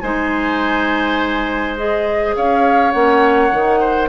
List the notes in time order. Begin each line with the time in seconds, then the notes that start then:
0.00 G#3 D#4 C5 G#5
1.76 G#4 D#5
2.36 C#4 C#5 F5
2.91 A#3 C#4 F#5
3.51 D#3 D#4
3.79 C5